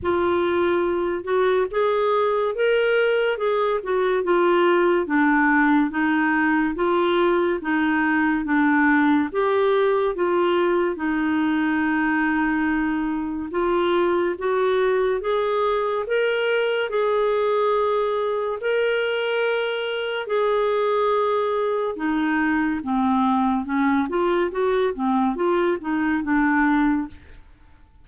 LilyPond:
\new Staff \with { instrumentName = "clarinet" } { \time 4/4 \tempo 4 = 71 f'4. fis'8 gis'4 ais'4 | gis'8 fis'8 f'4 d'4 dis'4 | f'4 dis'4 d'4 g'4 | f'4 dis'2. |
f'4 fis'4 gis'4 ais'4 | gis'2 ais'2 | gis'2 dis'4 c'4 | cis'8 f'8 fis'8 c'8 f'8 dis'8 d'4 | }